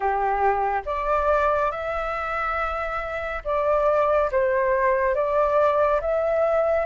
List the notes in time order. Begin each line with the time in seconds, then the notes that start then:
0.00 G4
0.85 D5
1.71 E5
3.44 D5
4.31 C5
5.14 D5
6.00 E5